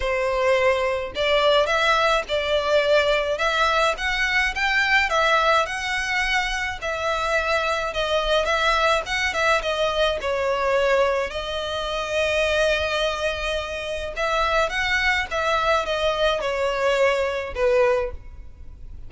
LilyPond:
\new Staff \with { instrumentName = "violin" } { \time 4/4 \tempo 4 = 106 c''2 d''4 e''4 | d''2 e''4 fis''4 | g''4 e''4 fis''2 | e''2 dis''4 e''4 |
fis''8 e''8 dis''4 cis''2 | dis''1~ | dis''4 e''4 fis''4 e''4 | dis''4 cis''2 b'4 | }